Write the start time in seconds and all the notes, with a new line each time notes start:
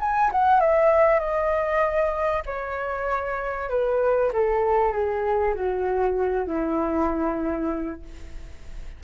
0.00 G#5
0.31 F#5
0.60 E5
1.19 D#5
2.45 C#5
3.69 B4
4.33 A4
4.92 G#4
5.54 F#4
6.47 E4